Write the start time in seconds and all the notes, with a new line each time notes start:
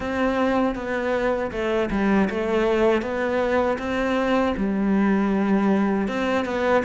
0.00 C4
0.75 B3
1.51 A3
1.91 G3
2.30 A3
3.01 B3
3.78 C4
4.56 G3
6.08 C4
6.45 B3